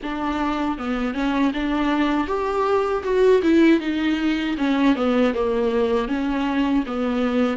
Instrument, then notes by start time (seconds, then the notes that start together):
viola
0.02 D4
0.78 B3
1.14 C#4
1.53 D4
2.27 G4
3.03 F#4
3.42 E4
3.80 D#4
4.57 C#4
4.95 B3
5.34 A#3
6.08 C#4
6.86 B3